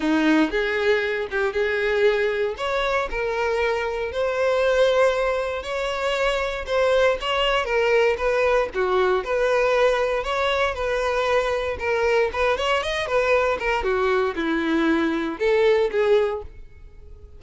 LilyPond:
\new Staff \with { instrumentName = "violin" } { \time 4/4 \tempo 4 = 117 dis'4 gis'4. g'8 gis'4~ | gis'4 cis''4 ais'2 | c''2. cis''4~ | cis''4 c''4 cis''4 ais'4 |
b'4 fis'4 b'2 | cis''4 b'2 ais'4 | b'8 cis''8 dis''8 b'4 ais'8 fis'4 | e'2 a'4 gis'4 | }